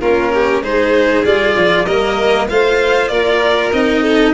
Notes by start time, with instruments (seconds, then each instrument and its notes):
0.00 tuba A#3, cello C#4, violin F4 A#4
0.33 violin G4
0.61 tuba G#3, cello D#4, violin G#4 C5
1.24 tuba G3, cello F4, violin D5
1.57 tuba F3
1.85 tuba G3, cello A#3, violin A#4 D#5
2.48 tuba A3, cello F4, violin C5 F5
3.08 tuba A#3, violin A#4 D5
3.72 tuba C4, cello D#4, violin D#5
4.02 violin A4